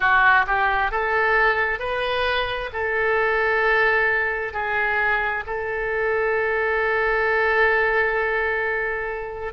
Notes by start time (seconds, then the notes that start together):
0.00 F#4
0.47 G4
0.91 A4
1.79 B4
2.73 A4
4.53 G#4
5.46 A4